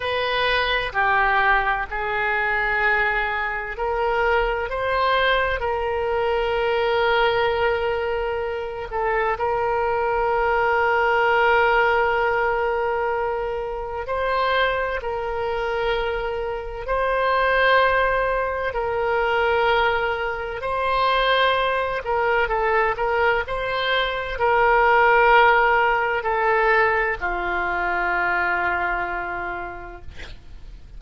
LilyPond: \new Staff \with { instrumentName = "oboe" } { \time 4/4 \tempo 4 = 64 b'4 g'4 gis'2 | ais'4 c''4 ais'2~ | ais'4. a'8 ais'2~ | ais'2. c''4 |
ais'2 c''2 | ais'2 c''4. ais'8 | a'8 ais'8 c''4 ais'2 | a'4 f'2. | }